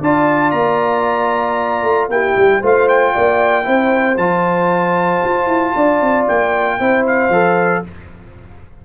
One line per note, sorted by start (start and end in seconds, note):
0.00 0.52 D4
0.00 2.11 F4
0.00 2.09 D5
0.00 0.52 A5
0.52 1.83 A#3
0.52 2.08 A#5
1.83 2.08 A3
2.08 2.35 A#3
2.08 2.63 E4
2.08 2.61 G4
2.08 2.63 G5
2.37 2.62 G3
2.61 3.14 A3
2.61 3.64 F4
2.61 3.13 C5
2.61 2.88 F5
2.88 4.17 G5
3.14 3.67 A#3
3.14 3.66 D5
3.64 4.17 C4
3.64 4.16 E4
3.64 5.75 C5
4.17 5.22 F3
4.17 6.80 F4
4.17 6.26 A5
5.24 5.47 F4
5.47 5.73 E4
5.75 6.01 D4
5.75 6.79 D5
6.01 6.27 C4
6.28 6.80 A#3
6.28 7.06 G5
6.79 7.29 C4
6.79 7.32 E4
6.79 7.83 C5
7.07 7.85 F5
7.29 7.82 F3
7.29 7.84 A4